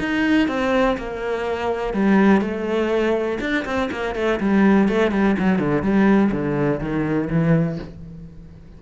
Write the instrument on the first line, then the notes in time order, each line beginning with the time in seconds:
cello
0.00 D#4
0.49 C4
0.98 A#3
1.94 G3
2.42 A3
3.41 D4
3.66 C4
3.92 A#3
4.16 A3
4.40 G3
4.89 A3
5.12 G3
5.39 F#3
5.59 D3
5.83 G3
6.32 D3
6.80 D#3
7.31 E3